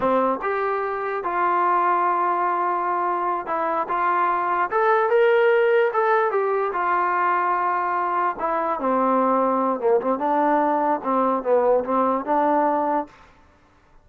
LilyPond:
\new Staff \with { instrumentName = "trombone" } { \time 4/4 \tempo 4 = 147 c'4 g'2 f'4~ | f'1~ | f'8 e'4 f'2 a'8~ | a'8 ais'2 a'4 g'8~ |
g'8 f'2.~ f'8~ | f'8 e'4 c'2~ c'8 | ais8 c'8 d'2 c'4 | b4 c'4 d'2 | }